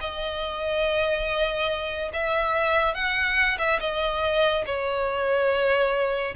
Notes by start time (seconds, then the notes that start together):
0.00 D#5
2.13 E5
2.94 F#5
3.58 E5
3.80 D#5
4.66 C#5